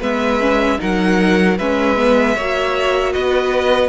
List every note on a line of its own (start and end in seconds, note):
0.00 0.79 G#3
0.00 0.40 B3
0.00 0.78 B4
0.00 0.81 E5
0.40 0.78 C#4
0.78 1.59 F#3
0.78 1.56 D#4
0.78 1.58 A#4
0.78 1.58 F#5
1.58 2.37 G#3
1.58 1.97 C#4
1.58 2.35 B4
1.58 3.13 E5
1.97 2.36 B3
2.35 3.15 A#3
2.35 3.89 F#4
2.35 3.13 C#5
3.13 3.89 B3
3.13 3.89 B4
3.13 3.89 D#5